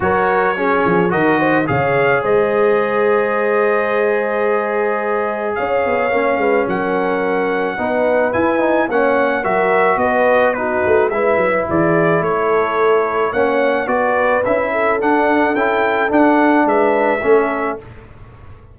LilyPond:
<<
  \new Staff \with { instrumentName = "trumpet" } { \time 4/4 \tempo 4 = 108 cis''2 dis''4 f''4 | dis''1~ | dis''2 f''2 | fis''2. gis''4 |
fis''4 e''4 dis''4 b'4 | e''4 d''4 cis''2 | fis''4 d''4 e''4 fis''4 | g''4 fis''4 e''2 | }
  \new Staff \with { instrumentName = "horn" } { \time 4/4 ais'4 gis'4 ais'8 c''8 cis''4 | c''1~ | c''2 cis''4. b'8 | ais'2 b'2 |
cis''4 ais'4 b'4 fis'4 | b'4 gis'4 a'2 | cis''4 b'4. a'4.~ | a'2 b'4 a'4 | }
  \new Staff \with { instrumentName = "trombone" } { \time 4/4 fis'4 cis'4 fis'4 gis'4~ | gis'1~ | gis'2. cis'4~ | cis'2 dis'4 e'8 dis'8 |
cis'4 fis'2 dis'4 | e'1 | cis'4 fis'4 e'4 d'4 | e'4 d'2 cis'4 | }
  \new Staff \with { instrumentName = "tuba" } { \time 4/4 fis4. f8 dis4 cis4 | gis1~ | gis2 cis'8 b8 ais8 gis8 | fis2 b4 e'4 |
ais4 fis4 b4. a8 | gis8 fis8 e4 a2 | ais4 b4 cis'4 d'4 | cis'4 d'4 gis4 a4 | }
>>